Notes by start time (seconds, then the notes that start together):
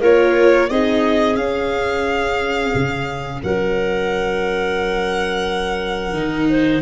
0.00 A#3 F4 A#4 C#5
0.69 C4 D#4 G#4 D#5
1.36 C#4 F5
2.74 C#3
3.42 F#3 A#4 F#5
6.12 D#3 D#4
6.49 C5